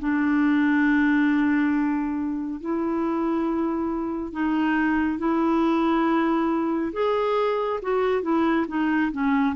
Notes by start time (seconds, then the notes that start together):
0.00 D4
2.61 E4
4.33 D#4
5.19 E4
6.93 G#4
7.82 F#4
8.23 E4
8.68 D#4
9.12 C#4